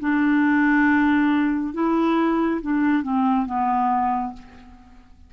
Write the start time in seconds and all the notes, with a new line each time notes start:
0.00 D4
1.74 E4
2.62 D4
3.03 C4
3.46 B3